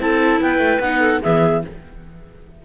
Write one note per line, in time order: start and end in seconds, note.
0.00 0.40 C4
0.00 0.81 E4
0.00 0.41 A4
0.00 0.41 A5
0.41 0.58 B3
0.41 1.00 B4
0.41 0.81 G5
0.58 0.78 A3
0.80 1.20 B3
0.80 1.22 D#4
0.80 1.21 F#5
1.00 1.20 A4
1.21 1.65 E3
1.21 1.64 B3
1.21 1.61 G#4
1.21 1.63 E5